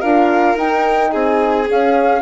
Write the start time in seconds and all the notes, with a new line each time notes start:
0.00 D4 F4 A#4 F5
0.56 D#4 G5
1.11 C4 G#4 G#5
1.65 C#4
1.71 F5